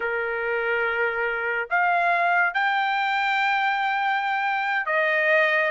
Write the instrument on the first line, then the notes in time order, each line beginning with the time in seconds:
trumpet
0.00 A#4
1.70 F5
2.54 G5
4.86 D#5